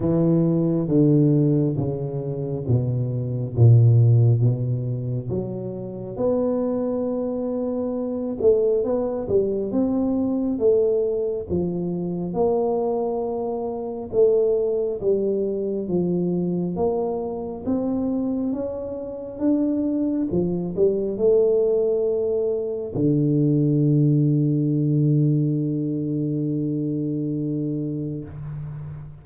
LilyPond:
\new Staff \with { instrumentName = "tuba" } { \time 4/4 \tempo 4 = 68 e4 d4 cis4 b,4 | ais,4 b,4 fis4 b4~ | b4. a8 b8 g8 c'4 | a4 f4 ais2 |
a4 g4 f4 ais4 | c'4 cis'4 d'4 f8 g8 | a2 d2~ | d1 | }